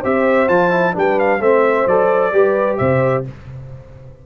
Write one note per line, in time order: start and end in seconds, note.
0.00 0.49 C4
0.00 0.49 G4
0.00 0.92 C5
0.00 0.48 E5
0.48 0.95 F3
0.48 0.70 F4
0.48 0.94 A5
0.70 0.93 E4
0.93 1.40 G3
0.93 1.39 D4
0.93 1.40 B4
0.93 1.19 G5
1.19 1.42 F5
1.40 1.86 A3
1.40 1.89 C4
1.40 2.32 C5
1.40 1.87 E5
1.87 2.32 F#3
1.87 2.32 A4
1.87 2.77 D5
2.32 2.78 G3
2.32 3.25 G4
2.32 2.79 B4
2.77 3.26 C3
2.77 3.25 C5
2.77 3.23 E5